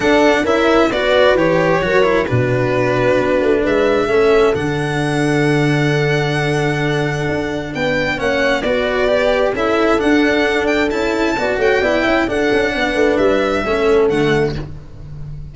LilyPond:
<<
  \new Staff \with { instrumentName = "violin" } { \time 4/4 \tempo 4 = 132 fis''4 e''4 d''4 cis''4~ | cis''4 b'2. | e''2 fis''2~ | fis''1~ |
fis''4 g''4 fis''4 d''4~ | d''4 e''4 fis''4. g''8 | a''4. g''4. fis''4~ | fis''4 e''2 fis''4 | }
  \new Staff \with { instrumentName = "horn" } { \time 4/4 a'4 ais'4 b'2 | ais'4 fis'2. | b'4 a'2.~ | a'1~ |
a'4 b'4 cis''4 b'4~ | b'4 a'2.~ | a'4 d''8 cis''8 d''8 e''8 a'4 | b'2 a'2 | }
  \new Staff \with { instrumentName = "cello" } { \time 4/4 d'4 e'4 fis'4 g'4 | fis'8 e'8 d'2.~ | d'4 cis'4 d'2~ | d'1~ |
d'2 cis'4 fis'4 | g'4 e'4 d'2 | e'4 fis'4 e'4 d'4~ | d'2 cis'4 a4 | }
  \new Staff \with { instrumentName = "tuba" } { \time 4/4 d'4 cis'4 b4 e4 | fis4 b,2 b8 a8 | gis4 a4 d2~ | d1 |
d'4 b4 ais4 b4~ | b4 cis'4 d'2 | cis'4 b8 a8 b8 cis'8 d'8 cis'8 | b8 a8 g4 a4 d4 | }
>>